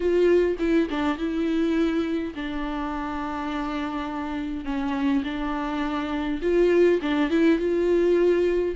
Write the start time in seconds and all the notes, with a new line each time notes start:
0.00 F4
0.59 E4
0.89 D4
1.17 E4
2.34 D4
4.64 C#4
5.23 D4
6.42 F4
7.01 D4
7.30 E4
7.58 F4